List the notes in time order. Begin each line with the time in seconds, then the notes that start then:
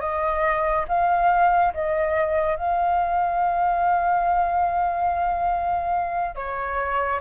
0.00 D#5
0.88 F5
1.74 D#5
2.56 F5
6.35 C#5